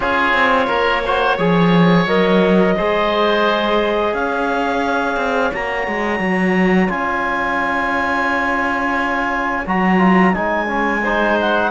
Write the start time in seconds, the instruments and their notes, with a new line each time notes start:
0.00 cello C#4, trombone F4, oboe G#4, clarinet C#5
0.33 cello C4
0.67 cello A#3, oboe A#4
1.05 trombone F#4, oboe C5
1.37 cello F3, trombone G#4, oboe C#5
2.05 cello F#3, trombone A#4, clarinet D#5
2.76 cello G#3, trombone G#4, oboe C5
4.13 cello C#4, oboe C#5, clarinet F5
5.16 cello C4
5.53 cello A#3, trombone F#4, clarinet A#5
5.87 cello G#3
6.19 cello F#3
6.88 cello C#4, trombone F4, clarinet G#5
9.66 cello F#3, trombone F#4, clarinet A#5
9.98 trombone F4
10.33 cello G#3, trombone D#4, clarinet G#5
10.67 trombone C#4
11.03 trombone D#4, oboe C5
11.40 clarinet F#5